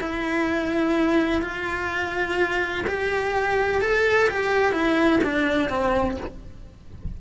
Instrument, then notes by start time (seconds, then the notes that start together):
cello
0.00 E4
1.42 F4
2.87 G4
3.81 A4
4.29 G4
4.72 E4
5.23 D4
5.69 C4